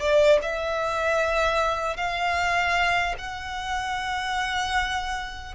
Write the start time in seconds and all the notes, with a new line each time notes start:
0.00 D5
0.42 E5
1.97 F5
3.18 F#5